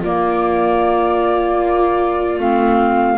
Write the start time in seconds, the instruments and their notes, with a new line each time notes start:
0.00 double bass A#3, clarinet A#3, viola F4, flute D5
2.39 double bass A3, clarinet C4, flute F5